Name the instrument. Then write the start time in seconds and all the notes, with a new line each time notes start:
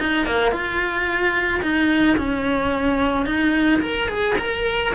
cello
0.00 D#4
0.26 A#3
0.52 F4
1.63 D#4
2.18 C#4
3.26 D#4
3.82 A#4
4.09 G#4
4.39 A#4